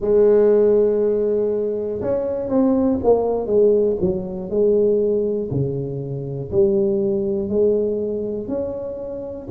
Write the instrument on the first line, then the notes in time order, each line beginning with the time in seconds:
tuba
0.00 G#3
2.01 C#4
2.48 C4
3.03 A#3
3.46 G#3
4.00 F#3
4.50 G#3
5.50 C#3
6.51 G3
7.49 G#3
8.47 C#4